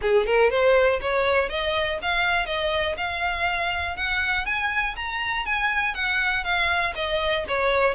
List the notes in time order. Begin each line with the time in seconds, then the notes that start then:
0.01 G#4
0.26 A#4
0.50 C5
1.01 C#5
1.49 D#5
2.02 F5
2.46 D#5
2.97 F5
3.96 F#5
4.45 G#5
4.96 A#5
5.45 G#5
5.94 F#5
6.44 F5
6.95 D#5
7.48 C#5